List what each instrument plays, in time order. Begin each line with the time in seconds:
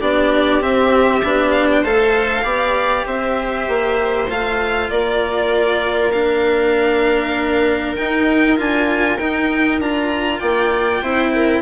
0.00 bassoon B3, cello D4, viola G4, violin D5
0.61 cello C4, bassoon C4, violin E5
1.23 bassoon B3, cello D4
1.51 violin F5
1.71 violin G5
1.82 bassoon A3, cello A4, viola C5, violin F5
2.42 bassoon B3, cello G4, viola D5
3.06 bassoon C4, viola C5, violin E5
3.68 bassoon A#3
4.29 bassoon A3, cello F4, violin F5
4.90 bassoon A#3, viola A#4, violin D5
6.12 cello D4, violin F5
7.96 bassoon D#4, cello D#4, violin G5
8.57 bassoon D4, cello F4, violin G#5
9.18 bassoon D#4, cello D#4, violin G5
9.79 bassoon D4, cello F4, violin A#5
10.39 bassoon A#3, viola D5, violin G5
11.02 bassoon C4, cello E4, viola C5
11.35 viola A#4